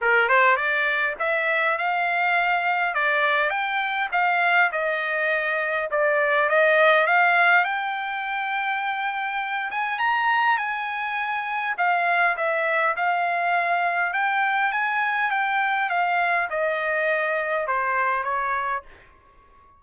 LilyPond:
\new Staff \with { instrumentName = "trumpet" } { \time 4/4 \tempo 4 = 102 ais'8 c''8 d''4 e''4 f''4~ | f''4 d''4 g''4 f''4 | dis''2 d''4 dis''4 | f''4 g''2.~ |
g''8 gis''8 ais''4 gis''2 | f''4 e''4 f''2 | g''4 gis''4 g''4 f''4 | dis''2 c''4 cis''4 | }